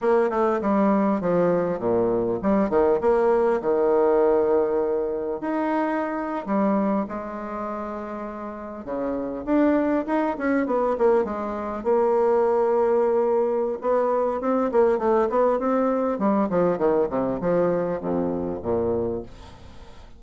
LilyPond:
\new Staff \with { instrumentName = "bassoon" } { \time 4/4 \tempo 4 = 100 ais8 a8 g4 f4 ais,4 | g8 dis8 ais4 dis2~ | dis4 dis'4.~ dis'16 g4 gis16~ | gis2~ gis8. cis4 d'16~ |
d'8. dis'8 cis'8 b8 ais8 gis4 ais16~ | ais2. b4 | c'8 ais8 a8 b8 c'4 g8 f8 | dis8 c8 f4 f,4 ais,4 | }